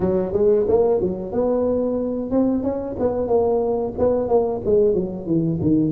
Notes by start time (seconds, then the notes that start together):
0.00 F#3
0.33 G#3
0.67 A#3
1.00 F#3
1.32 B3
2.30 C4
2.63 C#4
2.99 B3
3.27 A#3
3.98 B3
4.28 A#3
4.65 G#3
4.94 F#3
5.26 E3
5.61 D#3